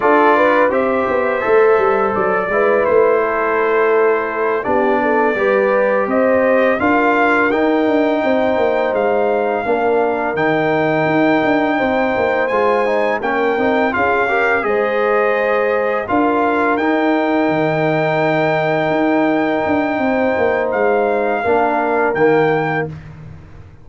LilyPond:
<<
  \new Staff \with { instrumentName = "trumpet" } { \time 4/4 \tempo 4 = 84 d''4 e''2 d''4 | c''2~ c''8 d''4.~ | d''8 dis''4 f''4 g''4.~ | g''8 f''2 g''4.~ |
g''4. gis''4 g''4 f''8~ | f''8 dis''2 f''4 g''8~ | g''1~ | g''4 f''2 g''4 | }
  \new Staff \with { instrumentName = "horn" } { \time 4/4 a'8 b'8 c''2~ c''8 b'8~ | b'8 a'2 g'8 a'8 b'8~ | b'8 c''4 ais'2 c''8~ | c''4. ais'2~ ais'8~ |
ais'8 c''2 ais'4 gis'8 | ais'8 c''2 ais'4.~ | ais'1 | c''2 ais'2 | }
  \new Staff \with { instrumentName = "trombone" } { \time 4/4 f'4 g'4 a'4. e'8~ | e'2~ e'8 d'4 g'8~ | g'4. f'4 dis'4.~ | dis'4. d'4 dis'4.~ |
dis'4. f'8 dis'8 cis'8 dis'8 f'8 | g'8 gis'2 f'4 dis'8~ | dis'1~ | dis'2 d'4 ais4 | }
  \new Staff \with { instrumentName = "tuba" } { \time 4/4 d'4 c'8 b8 a8 g8 fis8 gis8 | a2~ a8 b4 g8~ | g8 c'4 d'4 dis'8 d'8 c'8 | ais8 gis4 ais4 dis4 dis'8 |
d'8 c'8 ais8 gis4 ais8 c'8 cis'8~ | cis'8 gis2 d'4 dis'8~ | dis'8 dis2 dis'4 d'8 | c'8 ais8 gis4 ais4 dis4 | }
>>